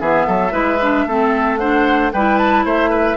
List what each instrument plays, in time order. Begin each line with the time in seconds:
0.00 bassoon E3, clarinet B3, oboe G#4, flute E5
0.26 bassoon F#3, oboe A4
0.51 bassoon G#3, clarinet E4, oboe B4
0.82 clarinet D4
1.06 bassoon A3, clarinet C4, oboe A4
1.57 clarinet D4, oboe C5, flute F#5
2.13 bassoon G3, clarinet E4, oboe B4, flute G5
2.38 flute A5
2.65 bassoon A3, oboe C5, flute E5
2.90 oboe B4